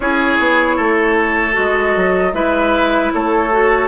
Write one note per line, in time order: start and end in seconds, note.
0.00 0.37 C#4
0.00 1.52 E4
0.00 0.76 G#4
0.00 1.54 C#5
0.39 0.77 B3
0.76 1.55 A3
0.76 2.32 A4
1.52 1.95 G#3
1.52 2.30 F#4
1.52 2.33 D#5
1.95 2.33 F#3
2.33 3.11 G#3
2.33 3.50 E4
2.33 3.12 B4
2.33 3.11 E5
3.13 3.87 A3
3.13 3.87 A4
3.13 3.87 C#5
3.51 3.87 F#4